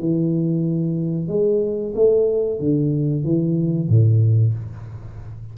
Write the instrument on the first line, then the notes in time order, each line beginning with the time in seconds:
tuba
0.00 E3
1.28 G#3
1.95 A3
2.60 D3
3.24 E3
3.89 A2